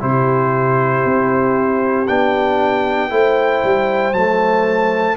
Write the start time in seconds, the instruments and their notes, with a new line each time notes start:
0.00 tuba C3, trombone E4, horn G4, trumpet C5
1.05 tuba C4
2.08 tuba B3, trombone D4, trumpet G5
3.10 tuba A3, trombone E4, horn C5
3.64 tuba G3
4.13 tuba F#3, trombone A3, trumpet A5